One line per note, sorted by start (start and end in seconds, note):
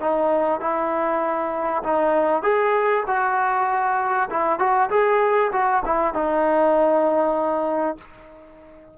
0.00 0.60 D#4
0.60 1.83 E4
1.83 2.42 D#4
2.42 3.04 G#4
3.07 4.29 F#4
4.30 4.59 E4
4.59 4.90 F#4
4.90 5.51 G#4
5.52 5.83 F#4
5.85 6.14 E4
6.14 7.98 D#4